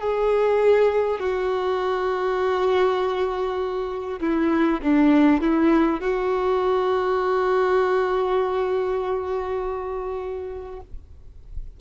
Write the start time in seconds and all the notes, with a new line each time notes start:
0.00 G#4
1.19 F#4
4.20 E4
4.83 D4
5.41 E4
6.01 F#4